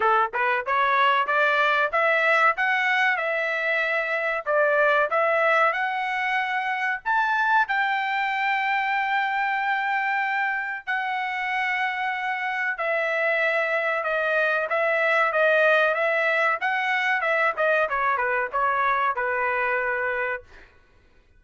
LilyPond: \new Staff \with { instrumentName = "trumpet" } { \time 4/4 \tempo 4 = 94 a'8 b'8 cis''4 d''4 e''4 | fis''4 e''2 d''4 | e''4 fis''2 a''4 | g''1~ |
g''4 fis''2. | e''2 dis''4 e''4 | dis''4 e''4 fis''4 e''8 dis''8 | cis''8 b'8 cis''4 b'2 | }